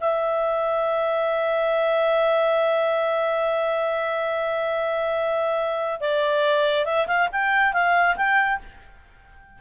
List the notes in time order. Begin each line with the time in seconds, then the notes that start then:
0.00 E5
6.00 D5
6.85 E5
7.07 F5
7.32 G5
7.73 F5
8.16 G5